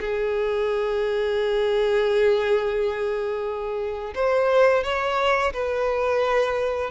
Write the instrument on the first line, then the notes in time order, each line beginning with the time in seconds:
violin
0.00 G#4
4.15 C5
4.84 C#5
5.53 B4